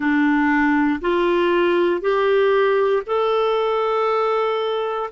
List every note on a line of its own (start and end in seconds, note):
0.00 0.99 D4
1.01 2.01 F4
2.01 3.02 G4
3.06 5.09 A4